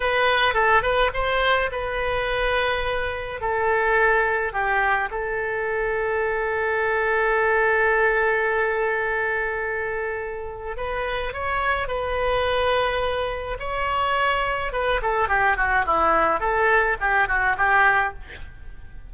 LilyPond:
\new Staff \with { instrumentName = "oboe" } { \time 4/4 \tempo 4 = 106 b'4 a'8 b'8 c''4 b'4~ | b'2 a'2 | g'4 a'2.~ | a'1~ |
a'2. b'4 | cis''4 b'2. | cis''2 b'8 a'8 g'8 fis'8 | e'4 a'4 g'8 fis'8 g'4 | }